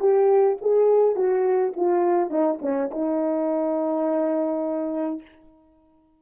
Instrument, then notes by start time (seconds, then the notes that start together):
horn
0.00 G4
0.61 G#4
1.16 F#4
1.76 F4
2.30 D#4
2.61 C#4
2.91 D#4